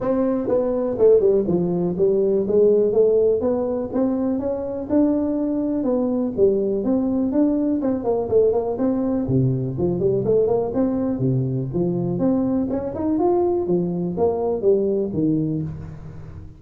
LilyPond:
\new Staff \with { instrumentName = "tuba" } { \time 4/4 \tempo 4 = 123 c'4 b4 a8 g8 f4 | g4 gis4 a4 b4 | c'4 cis'4 d'2 | b4 g4 c'4 d'4 |
c'8 ais8 a8 ais8 c'4 c4 | f8 g8 a8 ais8 c'4 c4 | f4 c'4 cis'8 dis'8 f'4 | f4 ais4 g4 dis4 | }